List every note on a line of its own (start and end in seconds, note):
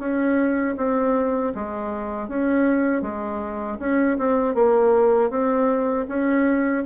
0.00 0.76 C#4
0.77 1.53 C4
1.55 2.29 G#3
2.29 3.02 C#4
3.02 3.78 G#3
3.80 4.18 C#4
4.19 4.55 C4
4.55 5.31 A#3
5.31 6.07 C4
6.09 6.85 C#4